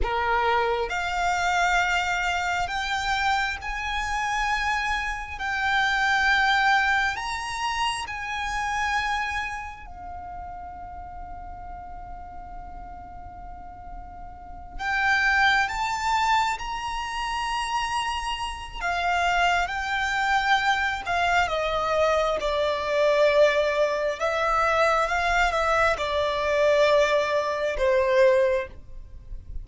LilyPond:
\new Staff \with { instrumentName = "violin" } { \time 4/4 \tempo 4 = 67 ais'4 f''2 g''4 | gis''2 g''2 | ais''4 gis''2 f''4~ | f''1~ |
f''8 g''4 a''4 ais''4.~ | ais''4 f''4 g''4. f''8 | dis''4 d''2 e''4 | f''8 e''8 d''2 c''4 | }